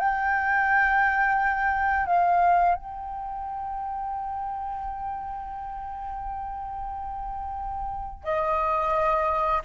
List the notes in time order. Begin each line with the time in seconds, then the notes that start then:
0.00 G5
2.06 F5
2.75 G5
8.24 D#5